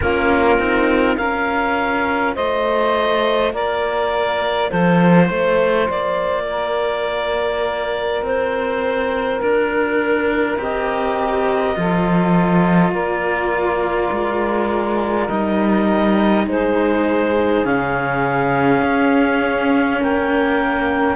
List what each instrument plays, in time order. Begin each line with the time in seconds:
0.00 cello A#3 C#4, saxophone F4, clarinet A#4
0.58 cello C4 D#4
1.15 cello C#4 F4, saxophone A#4, clarinet F5
2.35 cello A3, saxophone C5, clarinet D#5
3.52 cello A#3, saxophone A#4, clarinet D5
4.69 cello F3, saxophone A4, clarinet C5
5.25 cello A3, saxophone C5
5.88 cello A#3, clarinet D5
6.50 saxophone A#4
8.22 cello C4, clarinet C5
9.40 cello D4, clarinet A#4
10.57 cello C4 G4, clarinet D#5
11.75 cello F3 F4, saxophone A4
12.91 cello A#3, saxophone A#4, clarinet D5
14.11 cello G#3
15.28 cello G3 D#4, clarinet D#5
16.46 cello G#3, saxophone G#4, clarinet C5
17.64 cello C#3 C#4, clarinet F5
18.82 cello C#4
19.99 cello A#3, saxophone A#4, clarinet G5